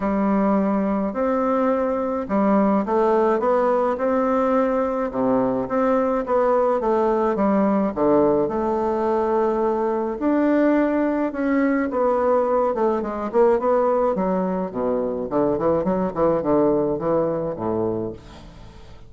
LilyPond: \new Staff \with { instrumentName = "bassoon" } { \time 4/4 \tempo 4 = 106 g2 c'2 | g4 a4 b4 c'4~ | c'4 c4 c'4 b4 | a4 g4 d4 a4~ |
a2 d'2 | cis'4 b4. a8 gis8 ais8 | b4 fis4 b,4 d8 e8 | fis8 e8 d4 e4 a,4 | }